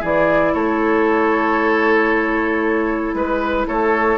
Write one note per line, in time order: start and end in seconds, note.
0.00 0.54 E3
0.00 4.18 E4
0.00 0.52 G#4
0.00 0.54 D5
0.54 3.14 A3
0.54 3.16 A4
0.54 3.14 C#5
3.14 3.66 G#3
3.14 3.66 B4
3.14 3.67 B4
3.67 4.18 A3
3.67 4.18 A4
3.67 4.18 C#5